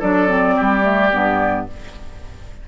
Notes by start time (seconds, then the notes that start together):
0.00 F#3 D4 A4 D5
0.28 C4
0.57 G3 G4
0.83 A3
1.13 G2 B3